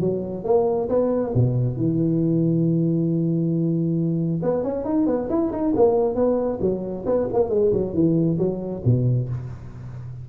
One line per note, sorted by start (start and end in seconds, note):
0.00 0.44 F#3
0.44 0.88 A#3
0.89 1.33 B3
1.34 1.76 B2
1.76 4.41 E3
4.42 4.63 B3
4.63 4.84 C#4
4.84 5.06 D#4
5.06 5.28 B3
5.29 5.51 E4
5.51 5.74 D#4
5.76 6.15 A#3
6.15 6.59 B3
6.61 7.05 F#3
7.05 7.27 B3
7.33 7.49 A#3
7.49 7.71 G#3
7.72 7.93 F#3
7.93 8.37 E3
8.38 8.82 F#3
8.85 9.29 B2